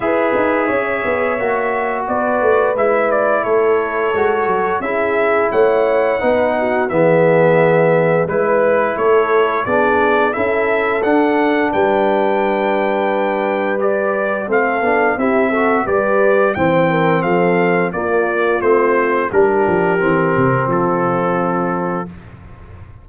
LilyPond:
<<
  \new Staff \with { instrumentName = "trumpet" } { \time 4/4 \tempo 4 = 87 e''2. d''4 | e''8 d''8 cis''2 e''4 | fis''2 e''2 | b'4 cis''4 d''4 e''4 |
fis''4 g''2. | d''4 f''4 e''4 d''4 | g''4 f''4 d''4 c''4 | ais'2 a'2 | }
  \new Staff \with { instrumentName = "horn" } { \time 4/4 b'4 cis''2 b'4~ | b'4 a'2 gis'4 | cis''4 b'8 fis'8 gis'2 | b'4 a'4 gis'4 a'4~ |
a'4 b'2.~ | b'4 a'4 g'8 a'8 b'4 | c''8 ais'8 a'4 f'2 | g'2 f'2 | }
  \new Staff \with { instrumentName = "trombone" } { \time 4/4 gis'2 fis'2 | e'2 fis'4 e'4~ | e'4 dis'4 b2 | e'2 d'4 e'4 |
d'1 | g'4 c'8 d'8 e'8 fis'8 g'4 | c'2 ais4 c'4 | d'4 c'2. | }
  \new Staff \with { instrumentName = "tuba" } { \time 4/4 e'8 dis'8 cis'8 b8 ais4 b8 a8 | gis4 a4 gis8 fis8 cis'4 | a4 b4 e2 | gis4 a4 b4 cis'4 |
d'4 g2.~ | g4 a8 b8 c'4 g4 | e4 f4 ais4 a4 | g8 f8 e8 c8 f2 | }
>>